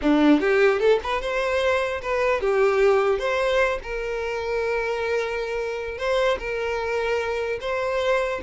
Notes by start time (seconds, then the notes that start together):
0.01 D4
0.40 G4
0.79 A4
1.03 B4
1.21 C5
2.01 B4
2.40 G4
3.18 C5
3.83 A#4
5.98 C5
6.39 A#4
7.61 C5